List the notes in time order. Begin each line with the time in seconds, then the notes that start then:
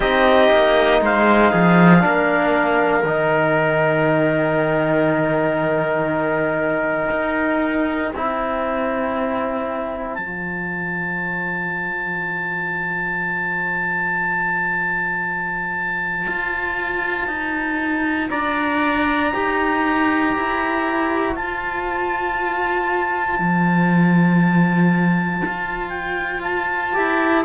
0.00 C4 D#4 G4 D#5
0.51 A#3
1.01 G#3 C5 F5
1.51 F3 G#4
1.99 A#3 D4 A#4
3.03 D#3 D#4 G5
7.10 D#4
8.15 C4 E4 C5
10.14 F3 F4 A5
16.27 F4
17.27 D#4
18.29 D4 D5 A#5
19.32 D#4 G4 C5
20.36 E4
21.35 F4 A5
23.38 F3
25.45 F4
25.89 G5
26.42 A5
26.93 E4 G4